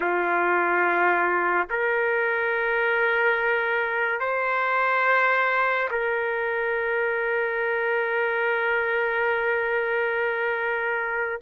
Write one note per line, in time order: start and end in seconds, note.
0.00 1.67 F4
1.69 4.19 A#4
4.19 5.88 C5
5.90 11.40 A#4